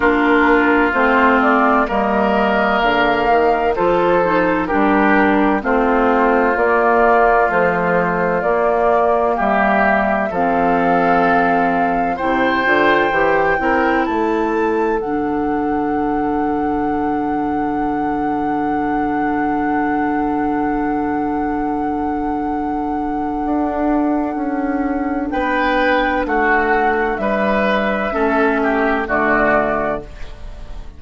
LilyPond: <<
  \new Staff \with { instrumentName = "flute" } { \time 4/4 \tempo 4 = 64 ais'4 c''8 d''8 dis''4 f''4 | c''4 ais'4 c''4 d''4 | c''4 d''4 e''4 f''4~ | f''4 g''2 a''4 |
fis''1~ | fis''1~ | fis''2. g''4 | fis''4 e''2 d''4 | }
  \new Staff \with { instrumentName = "oboe" } { \time 4/4 f'2 ais'2 | a'4 g'4 f'2~ | f'2 g'4 a'4~ | a'4 c''4. ais'8 a'4~ |
a'1~ | a'1~ | a'2. b'4 | fis'4 b'4 a'8 g'8 fis'4 | }
  \new Staff \with { instrumentName = "clarinet" } { \time 4/4 d'4 c'4 ais2 | f'8 dis'8 d'4 c'4 ais4 | f4 ais2 c'4~ | c'4 e'8 f'8 g'8 e'4. |
d'1~ | d'1~ | d'1~ | d'2 cis'4 a4 | }
  \new Staff \with { instrumentName = "bassoon" } { \time 4/4 ais4 a4 g4 d8 dis8 | f4 g4 a4 ais4 | a4 ais4 g4 f4~ | f4 c8 d8 e8 c'8 a4 |
d1~ | d1~ | d4 d'4 cis'4 b4 | a4 g4 a4 d4 | }
>>